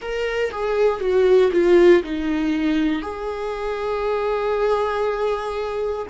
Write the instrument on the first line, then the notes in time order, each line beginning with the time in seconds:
viola
0.01 A#4
0.50 G#4
1.00 F#4
1.52 F4
2.03 D#4
3.01 G#4